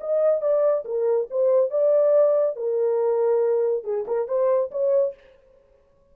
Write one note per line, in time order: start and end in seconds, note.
0.00 0.41 D#5
0.41 0.84 D5
0.84 1.27 A#4
1.30 1.70 C5
1.70 2.56 D5
2.56 3.84 A#4
3.84 4.05 G#4
4.07 4.28 A#4
4.28 4.71 C5
4.71 5.14 C#5